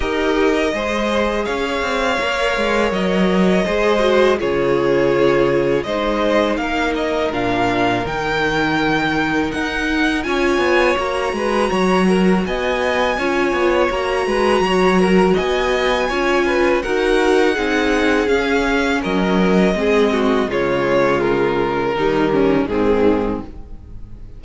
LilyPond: <<
  \new Staff \with { instrumentName = "violin" } { \time 4/4 \tempo 4 = 82 dis''2 f''2 | dis''2 cis''2 | dis''4 f''8 dis''8 f''4 g''4~ | g''4 fis''4 gis''4 ais''4~ |
ais''4 gis''2 ais''4~ | ais''4 gis''2 fis''4~ | fis''4 f''4 dis''2 | cis''4 ais'2 gis'4 | }
  \new Staff \with { instrumentName = "violin" } { \time 4/4 ais'4 c''4 cis''2~ | cis''4 c''4 gis'2 | c''4 ais'2.~ | ais'2 cis''4. b'8 |
cis''8 ais'8 dis''4 cis''4. b'8 | cis''8 ais'8 dis''4 cis''8 b'8 ais'4 | gis'2 ais'4 gis'8 fis'8 | f'2 dis'8 cis'8 c'4 | }
  \new Staff \with { instrumentName = "viola" } { \time 4/4 g'4 gis'2 ais'4~ | ais'4 gis'8 fis'8 f'2 | dis'2 d'4 dis'4~ | dis'2 f'4 fis'4~ |
fis'2 f'4 fis'4~ | fis'2 f'4 fis'4 | dis'4 cis'2 c'4 | gis2 g4 dis4 | }
  \new Staff \with { instrumentName = "cello" } { \time 4/4 dis'4 gis4 cis'8 c'8 ais8 gis8 | fis4 gis4 cis2 | gis4 ais4 ais,4 dis4~ | dis4 dis'4 cis'8 b8 ais8 gis8 |
fis4 b4 cis'8 b8 ais8 gis8 | fis4 b4 cis'4 dis'4 | c'4 cis'4 fis4 gis4 | cis2 dis4 gis,4 | }
>>